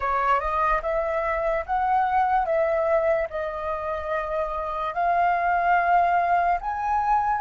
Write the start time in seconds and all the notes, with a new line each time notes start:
0.00 C#5
0.40 D#5
0.82 E5
1.66 F#5
2.45 E5
3.30 D#5
4.94 F5
6.60 G#5